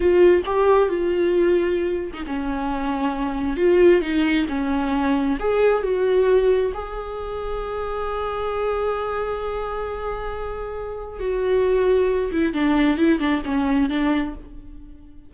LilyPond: \new Staff \with { instrumentName = "viola" } { \time 4/4 \tempo 4 = 134 f'4 g'4 f'2~ | f'8. dis'16 cis'2. | f'4 dis'4 cis'2 | gis'4 fis'2 gis'4~ |
gis'1~ | gis'1~ | gis'4 fis'2~ fis'8 e'8 | d'4 e'8 d'8 cis'4 d'4 | }